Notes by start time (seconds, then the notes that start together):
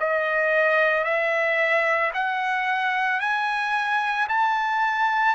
0.00 D#5
1.04 E5
2.14 F#5
3.20 G#5
4.29 A5